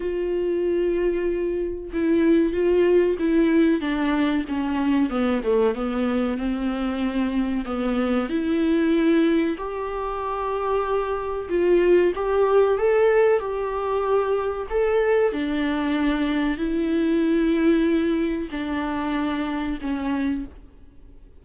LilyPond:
\new Staff \with { instrumentName = "viola" } { \time 4/4 \tempo 4 = 94 f'2. e'4 | f'4 e'4 d'4 cis'4 | b8 a8 b4 c'2 | b4 e'2 g'4~ |
g'2 f'4 g'4 | a'4 g'2 a'4 | d'2 e'2~ | e'4 d'2 cis'4 | }